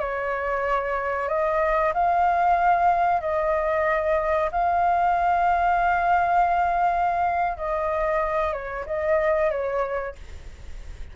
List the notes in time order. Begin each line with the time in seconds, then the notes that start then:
0.00 C#5
1.28 D#5
1.94 F5
3.21 D#5
4.52 F5
7.57 D#5
8.53 C#5
8.87 D#5
9.51 C#5